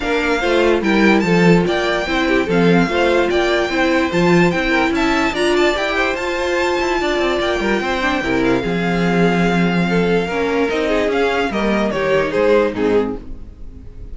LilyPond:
<<
  \new Staff \with { instrumentName = "violin" } { \time 4/4 \tempo 4 = 146 f''2 g''4 a''4 | g''2 f''2 | g''2 a''4 g''4 | a''4 ais''8 a''8 g''4 a''4~ |
a''2 g''2~ | g''8 f''2.~ f''8~ | f''2 dis''4 f''4 | dis''4 cis''4 c''4 gis'4 | }
  \new Staff \with { instrumentName = "violin" } { \time 4/4 ais'4 c''4 ais'4 a'4 | d''4 c''8 g'8 a'4 c''4 | d''4 c''2~ c''8 ais'8 | e''4 d''4. c''4.~ |
c''4 d''4. ais'8 c''4 | ais'4 gis'2. | a'4 ais'4. gis'4. | ais'4 g'4 gis'4 dis'4 | }
  \new Staff \with { instrumentName = "viola" } { \time 4/4 d'4 f'4 e'4 f'4~ | f'4 e'4 c'4 f'4~ | f'4 e'4 f'4 e'4~ | e'4 f'4 g'4 f'4~ |
f'2.~ f'8 d'8 | e'4 c'2.~ | c'4 cis'4 dis'4 cis'4 | ais4 dis'2 c'4 | }
  \new Staff \with { instrumentName = "cello" } { \time 4/4 ais4 a4 g4 f4 | ais4 c'4 f4 a4 | ais4 c'4 f4 c'4 | cis'4 d'4 e'4 f'4~ |
f'8 e'8 d'8 c'8 ais8 g8 c'4 | c4 f2.~ | f4 ais4 c'4 cis'4 | g4 dis4 gis4 gis,4 | }
>>